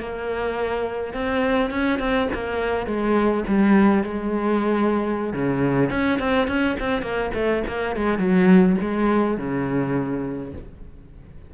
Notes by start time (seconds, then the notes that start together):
0.00 A#3
1.14 C4
1.71 C#4
1.99 C4
2.34 A#3
2.87 G#3
3.48 G3
4.04 G#3
5.33 C#3
5.91 C#4
6.19 C4
6.48 C#4
6.80 C4
7.03 A#3
7.35 A3
7.68 A#3
7.96 G#3
8.19 F#3
8.81 G#3
9.38 C#3